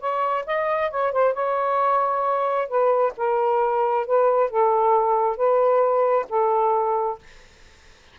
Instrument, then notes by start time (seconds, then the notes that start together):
saxophone
0.00 C#5
0.46 D#5
0.91 C#5
1.12 C5
1.34 C#5
2.68 B4
3.17 A#4
4.06 B4
4.50 A4
5.36 B4
6.29 A4